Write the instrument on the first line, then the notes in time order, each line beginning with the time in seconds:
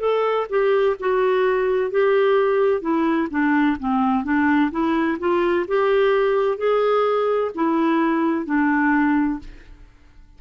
clarinet
0.00 A4
0.50 G4
1.00 F#4
1.91 G4
2.81 E4
3.31 D4
3.80 C4
4.24 D4
4.71 E4
5.19 F4
5.68 G4
6.58 G#4
7.55 E4
8.45 D4